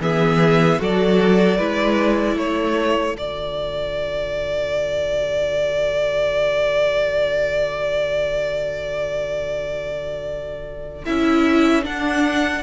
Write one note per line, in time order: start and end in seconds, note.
0.00 0.79 E3
0.00 0.79 B3
0.00 0.80 G#4
0.00 0.81 E5
0.79 1.59 F#3
0.79 1.58 F#4
0.79 1.57 A4
0.79 2.38 D5
1.57 2.36 G#3
1.57 3.15 E4
1.57 2.36 B4
2.36 3.14 A3
2.36 12.62 A4
2.36 3.17 C#5
3.14 11.04 D3
3.14 11.05 F#4
3.14 11.05 D5
11.05 11.86 C#4
11.05 11.82 E4
11.05 11.84 E5
11.82 12.61 D4
11.82 12.63 D4
11.82 12.63 F#5